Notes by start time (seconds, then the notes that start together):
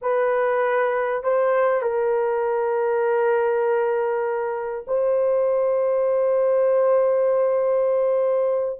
0.01 B4
1.23 C5
1.82 A#4
4.87 C5